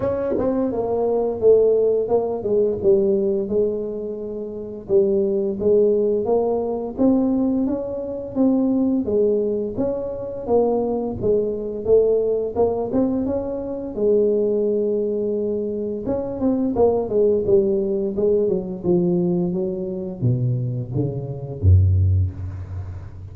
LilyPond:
\new Staff \with { instrumentName = "tuba" } { \time 4/4 \tempo 4 = 86 cis'8 c'8 ais4 a4 ais8 gis8 | g4 gis2 g4 | gis4 ais4 c'4 cis'4 | c'4 gis4 cis'4 ais4 |
gis4 a4 ais8 c'8 cis'4 | gis2. cis'8 c'8 | ais8 gis8 g4 gis8 fis8 f4 | fis4 b,4 cis4 fis,4 | }